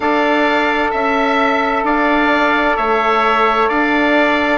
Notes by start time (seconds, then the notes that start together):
0.00 D4 A4 D5 F5
0.91 C#4 E5
1.83 D4 D5 F5
2.76 A3 C#5 E5
3.68 D4 D5 F5